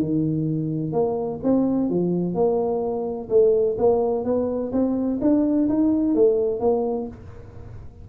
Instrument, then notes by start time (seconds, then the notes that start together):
tuba
0.00 D#3
0.93 A#3
1.43 C4
1.90 F3
2.35 A#3
3.29 A3
3.78 A#3
4.25 B3
4.73 C4
5.22 D4
5.69 D#4
6.15 A3
6.60 A#3